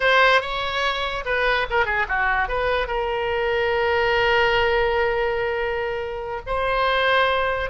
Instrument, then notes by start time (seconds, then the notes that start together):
oboe
0.00 C5
0.41 C#5
1.25 B4
1.70 A#4
1.85 G#4
2.08 F#4
2.48 B4
2.87 A#4
6.46 C5